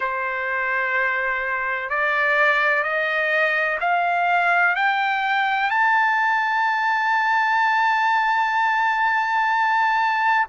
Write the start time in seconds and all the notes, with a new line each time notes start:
0.00 C5
1.89 D5
2.83 D#5
3.80 F5
4.75 G5
5.70 A5